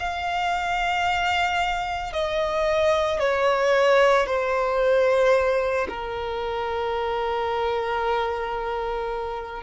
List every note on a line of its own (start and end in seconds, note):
0.00 2.13 F5
2.13 3.20 D#5
3.20 4.27 C#5
4.27 5.88 C5
5.89 9.63 A#4